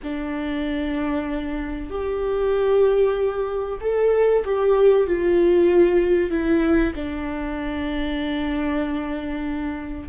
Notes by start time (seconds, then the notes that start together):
0.03 D4
1.89 G4
3.80 A4
4.44 G4
5.06 F4
6.30 E4
6.95 D4